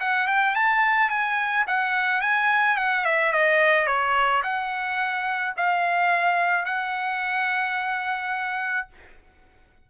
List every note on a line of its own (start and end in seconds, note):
0.00 0.27 F#5
0.27 0.55 G5
0.55 1.09 A5
1.09 1.65 G#5
1.67 2.21 F#5
2.21 2.77 G#5
2.77 3.05 F#5
3.05 3.32 E5
3.32 3.87 D#5
3.87 4.42 C#5
4.43 5.54 F#5
5.57 6.65 F5
6.65 8.87 F#5